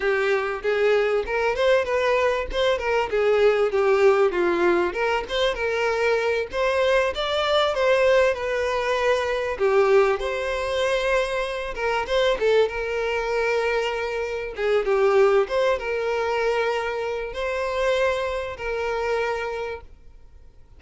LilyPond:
\new Staff \with { instrumentName = "violin" } { \time 4/4 \tempo 4 = 97 g'4 gis'4 ais'8 c''8 b'4 | c''8 ais'8 gis'4 g'4 f'4 | ais'8 c''8 ais'4. c''4 d''8~ | d''8 c''4 b'2 g'8~ |
g'8 c''2~ c''8 ais'8 c''8 | a'8 ais'2. gis'8 | g'4 c''8 ais'2~ ais'8 | c''2 ais'2 | }